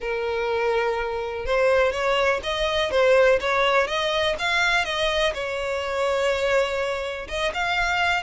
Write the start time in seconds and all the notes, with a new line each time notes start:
0.00 A#4
1.45 C5
1.92 C#5
2.43 D#5
2.90 C5
3.40 C#5
3.87 D#5
4.38 F5
4.85 D#5
5.34 C#5
7.27 D#5
7.54 F5